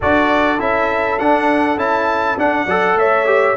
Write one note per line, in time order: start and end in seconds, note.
0.00 0.60 D4
0.00 0.59 F#4
0.00 2.65 A4
0.00 0.59 D5
0.59 1.19 C#4
0.59 1.18 E4
0.59 1.19 E5
1.19 1.77 D4
1.19 1.78 F#5
1.77 2.36 C#4
1.77 2.37 E4
1.77 2.38 A5
2.37 2.67 D4
2.37 2.66 D4
2.37 2.98 F#5
2.65 2.95 F#3
2.65 3.26 A4
2.65 2.95 D5
2.95 3.54 A3
2.95 3.56 C#5
2.95 3.56 E5
3.26 3.55 G4